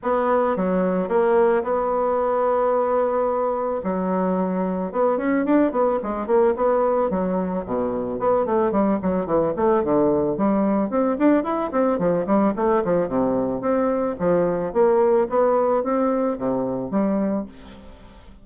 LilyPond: \new Staff \with { instrumentName = "bassoon" } { \time 4/4 \tempo 4 = 110 b4 fis4 ais4 b4~ | b2. fis4~ | fis4 b8 cis'8 d'8 b8 gis8 ais8 | b4 fis4 b,4 b8 a8 |
g8 fis8 e8 a8 d4 g4 | c'8 d'8 e'8 c'8 f8 g8 a8 f8 | c4 c'4 f4 ais4 | b4 c'4 c4 g4 | }